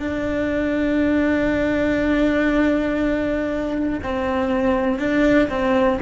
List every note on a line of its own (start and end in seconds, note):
0.00 4.00 D4
4.04 4.99 C4
4.99 5.49 D4
5.50 6.00 C4